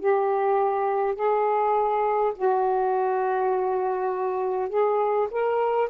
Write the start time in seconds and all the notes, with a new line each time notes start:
0.00 G4
1.16 G#4
2.36 F#4
4.70 G#4
5.31 A#4